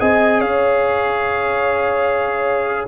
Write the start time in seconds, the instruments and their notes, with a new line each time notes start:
0.00 tuba C4, trombone G#4, horn D#5, trumpet G#5
0.39 tuba C#4, horn C#5, trumpet F5